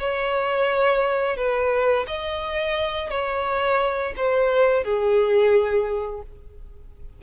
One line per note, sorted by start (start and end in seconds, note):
0.00 1.37 C#5
1.37 2.06 B4
2.08 3.10 D#5
3.10 4.14 C#5
4.17 4.84 C5
4.84 6.22 G#4